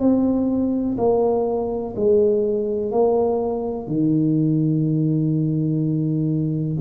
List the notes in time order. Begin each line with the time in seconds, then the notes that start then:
0.00 C4
0.98 A#3
1.96 G#3
2.92 A#3
3.88 D#3